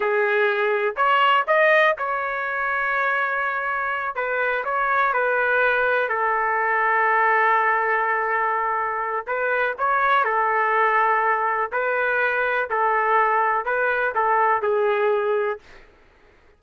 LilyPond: \new Staff \with { instrumentName = "trumpet" } { \time 4/4 \tempo 4 = 123 gis'2 cis''4 dis''4 | cis''1~ | cis''8 b'4 cis''4 b'4.~ | b'8 a'2.~ a'8~ |
a'2. b'4 | cis''4 a'2. | b'2 a'2 | b'4 a'4 gis'2 | }